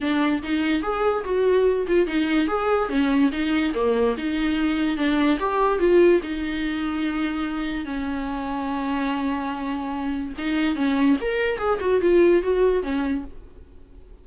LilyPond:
\new Staff \with { instrumentName = "viola" } { \time 4/4 \tempo 4 = 145 d'4 dis'4 gis'4 fis'4~ | fis'8 f'8 dis'4 gis'4 cis'4 | dis'4 ais4 dis'2 | d'4 g'4 f'4 dis'4~ |
dis'2. cis'4~ | cis'1~ | cis'4 dis'4 cis'4 ais'4 | gis'8 fis'8 f'4 fis'4 cis'4 | }